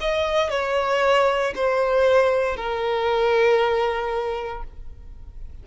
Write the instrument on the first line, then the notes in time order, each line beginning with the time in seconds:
violin
0.00 D#5
0.50 C#5
1.55 C5
2.56 A#4